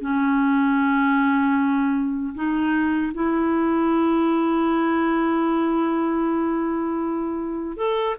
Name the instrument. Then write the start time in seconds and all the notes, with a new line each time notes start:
clarinet
0.00 C#4
2.34 D#4
3.14 E4
7.77 A4